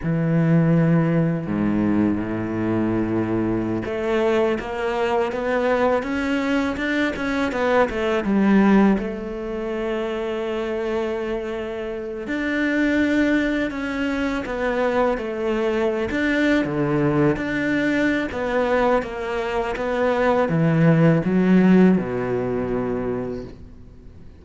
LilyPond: \new Staff \with { instrumentName = "cello" } { \time 4/4 \tempo 4 = 82 e2 gis,4 a,4~ | a,4~ a,16 a4 ais4 b8.~ | b16 cis'4 d'8 cis'8 b8 a8 g8.~ | g16 a2.~ a8.~ |
a8. d'2 cis'4 b16~ | b8. a4~ a16 d'8. d4 d'16~ | d'4 b4 ais4 b4 | e4 fis4 b,2 | }